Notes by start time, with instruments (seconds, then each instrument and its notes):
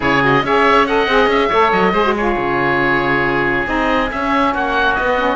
0.00 cello C#3, saxophone E4, oboe G#4 C#5
0.22 saxophone F#4, oboe D#5
0.42 cello C#4, saxophone G#4, oboe C#5 E5
0.86 saxophone A4, oboe D#5 F#5
1.07 cello C4, saxophone G#4
1.26 cello C#4, oboe E5
1.48 cello A3, saxophone A4, oboe C#5
1.71 cello F#3, oboe D#5
1.92 cello G#3, saxophone G#4, oboe C5
2.04 saxophone F#4
2.16 saxophone F4, oboe G#4 C#5
2.36 cello C#3
3.65 cello C4, saxophone D#4, oboe D#5
4.11 cello C#4, saxophone C#4, oboe E5
4.53 cello A#3, oboe F#4 F#5
4.94 saxophone B3, cello B3, oboe D#5
5.18 saxophone C#4